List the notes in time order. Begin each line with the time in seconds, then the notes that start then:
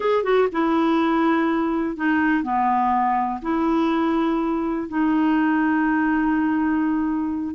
0.00 G#4
0.23 F#4
0.51 E4
1.96 D#4
2.43 B3
3.41 E4
4.88 D#4